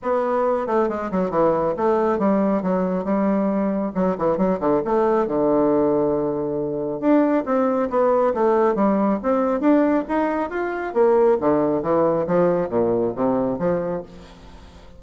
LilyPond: \new Staff \with { instrumentName = "bassoon" } { \time 4/4 \tempo 4 = 137 b4. a8 gis8 fis8 e4 | a4 g4 fis4 g4~ | g4 fis8 e8 fis8 d8 a4 | d1 |
d'4 c'4 b4 a4 | g4 c'4 d'4 dis'4 | f'4 ais4 d4 e4 | f4 ais,4 c4 f4 | }